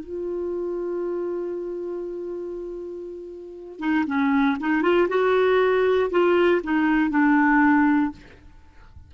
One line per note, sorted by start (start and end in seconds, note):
0.00 3.80 F4
3.80 4.05 D#4
4.07 4.58 C#4
4.60 4.83 D#4
4.83 5.08 F4
5.09 6.11 F#4
6.11 6.62 F4
6.64 7.10 D#4
7.10 8.12 D4